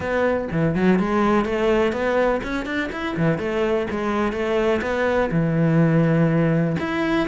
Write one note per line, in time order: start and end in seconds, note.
0.00 0.48 B3
0.51 0.75 E3
0.75 0.99 F#3
0.99 1.45 G#3
1.45 1.92 A3
1.92 2.40 B3
2.43 2.65 C#4
2.65 2.89 D4
2.91 3.16 E4
3.16 3.38 E3
3.38 3.86 A3
3.90 4.32 G#3
4.32 4.80 A3
4.81 5.30 B3
5.31 6.76 E3
6.79 7.28 E4